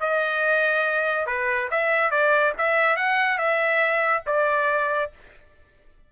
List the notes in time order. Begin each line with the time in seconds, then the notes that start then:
0.00 D#5
1.26 B4
1.71 E5
2.11 D5
2.58 E5
2.96 F#5
3.38 E5
4.26 D5